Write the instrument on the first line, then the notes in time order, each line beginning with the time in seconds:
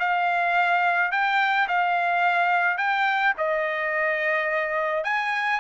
trumpet
0.00 F5
1.12 G5
1.68 F5
2.78 G5
3.38 D#5
5.04 G#5